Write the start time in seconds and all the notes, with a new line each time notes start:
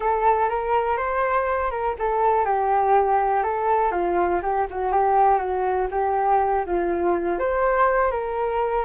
0.00 A4
0.49 A#4
0.97 C5
1.71 A#4
1.98 A4
2.45 G4
3.43 A4
3.91 F4
4.42 G4
4.70 F#4
4.92 G4
5.38 F#4
5.91 G4
6.65 F4
7.39 C5
8.11 A#4